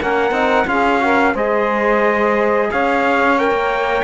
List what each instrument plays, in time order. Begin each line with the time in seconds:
0.00 cello A#3, trombone C#4, saxophone A#4, trumpet F#5
0.31 cello C4, trombone D#4
0.67 cello C#4, trombone F4, saxophone G#4, trumpet F5
1.00 trombone F#4, saxophone A#4
1.34 cello G#3, trombone G#4, saxophone C5, trumpet D#5
2.71 cello C#4, saxophone C#5, trumpet F5
3.38 trombone A#4, trumpet G5
3.51 cello A#3